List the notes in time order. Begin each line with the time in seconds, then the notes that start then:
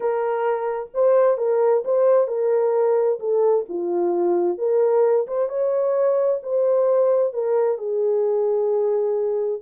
0.00 A#4
0.94 C5
1.37 A#4
1.84 C5
2.27 A#4
3.19 A4
3.68 F4
4.58 A#4
5.27 C5
5.48 C#5
6.42 C5
7.33 A#4
7.78 G#4